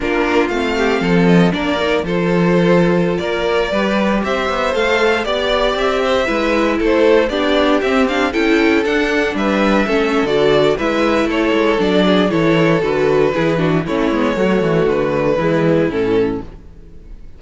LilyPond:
<<
  \new Staff \with { instrumentName = "violin" } { \time 4/4 \tempo 4 = 117 ais'4 f''4. dis''8 d''4 | c''2~ c''16 d''4.~ d''16~ | d''16 e''4 f''4 d''4 e''8.~ | e''4~ e''16 c''4 d''4 e''8 f''16~ |
f''16 g''4 fis''4 e''4.~ e''16 | d''4 e''4 cis''4 d''4 | cis''4 b'2 cis''4~ | cis''4 b'2 a'4 | }
  \new Staff \with { instrumentName = "violin" } { \time 4/4 f'4. g'8 a'4 ais'4 | a'2~ a'16 ais'4 b'8.~ | b'16 c''2 d''4. c''16~ | c''16 b'4 a'4 g'4.~ g'16~ |
g'16 a'2 b'4 a'8.~ | a'4 b'4 a'4. gis'8 | a'2 gis'8 fis'8 e'4 | fis'2 e'2 | }
  \new Staff \with { instrumentName = "viola" } { \time 4/4 d'4 c'2 d'8 dis'8 | f'2.~ f'16 g'8.~ | g'4~ g'16 a'4 g'4.~ g'16~ | g'16 e'2 d'4 c'8 d'16~ |
d'16 e'4 d'2 cis'8. | fis'4 e'2 d'4 | e'4 fis'4 e'8 d'8 cis'8 b8 | a2 gis4 cis'4 | }
  \new Staff \with { instrumentName = "cello" } { \time 4/4 ais4 a4 f4 ais4 | f2~ f16 ais4 g8.~ | g16 c'8 b8 a4 b4 c'8.~ | c'16 gis4 a4 b4 c'8.~ |
c'16 cis'4 d'4 g4 a8. | d4 gis4 a8 gis8 fis4 | e4 d4 e4 a8 gis8 | fis8 e8 d4 e4 a,4 | }
>>